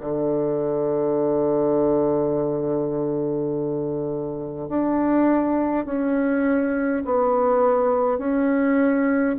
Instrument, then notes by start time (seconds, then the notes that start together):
bassoon
0.00 D3
4.68 D4
5.85 C#4
7.04 B3
8.18 C#4